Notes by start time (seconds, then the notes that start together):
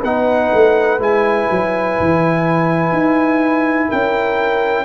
0.00 B3 D#4 B4 F#5
0.54 A3
0.99 G#3 E4 G#5
1.51 F#3
2.00 E3
2.92 D#4
3.88 C#4 A#4 G5